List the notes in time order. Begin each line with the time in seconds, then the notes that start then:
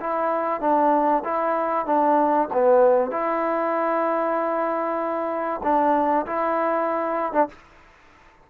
0.00 E4
0.60 D4
1.24 E4
1.86 D4
2.53 B3
3.11 E4
5.63 D4
6.26 E4
7.32 D4